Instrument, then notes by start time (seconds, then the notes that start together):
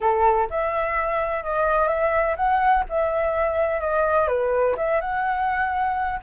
flute
0.00 A4
0.50 E5
1.43 D#5
1.88 E5
2.36 F#5
2.89 E5
3.80 D#5
4.27 B4
4.76 E5
5.00 F#5